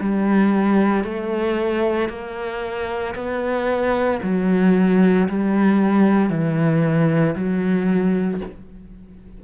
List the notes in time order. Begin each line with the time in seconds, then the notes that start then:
0.00 G3
1.04 A3
2.09 A#3
3.15 B3
4.22 F#3
5.28 G3
6.30 E3
7.35 F#3